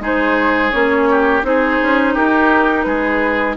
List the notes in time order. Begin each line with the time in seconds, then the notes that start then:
0.00 G#3 D#4 G#4 C5
0.71 A#3 C#4 C#5
1.10 G4
1.42 C4 D#4 G#4 C5
1.82 C#4
2.14 D#4 G4 A#4
2.82 G#3 G#4 B4